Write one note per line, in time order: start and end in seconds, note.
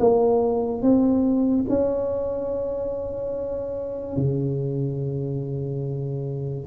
0.00 0.82 A#3
0.82 1.66 C4
1.69 4.17 C#4
4.17 6.67 C#3